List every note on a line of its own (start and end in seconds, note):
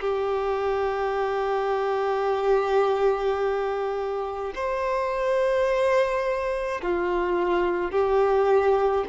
0.00 4.53 G4
4.55 6.81 C5
6.81 7.91 F4
7.91 9.04 G4